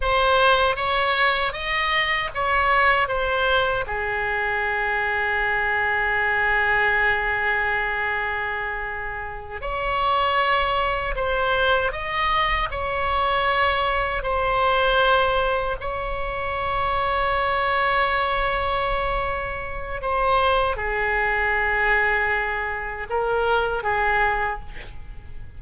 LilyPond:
\new Staff \with { instrumentName = "oboe" } { \time 4/4 \tempo 4 = 78 c''4 cis''4 dis''4 cis''4 | c''4 gis'2.~ | gis'1~ | gis'8 cis''2 c''4 dis''8~ |
dis''8 cis''2 c''4.~ | c''8 cis''2.~ cis''8~ | cis''2 c''4 gis'4~ | gis'2 ais'4 gis'4 | }